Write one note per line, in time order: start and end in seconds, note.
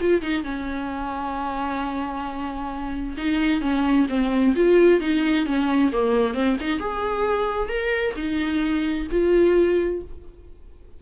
0.00 0.21 F4
0.21 0.43 D#4
0.43 3.16 C#4
3.17 3.61 D#4
3.61 4.07 C#4
4.09 4.54 C4
4.56 5.00 F4
5.00 5.46 D#4
5.46 5.91 C#4
5.92 6.34 A#3
6.34 6.57 C4
6.60 6.79 D#4
6.79 7.69 G#4
7.69 8.14 A#4
8.16 9.07 D#4
9.11 10.02 F4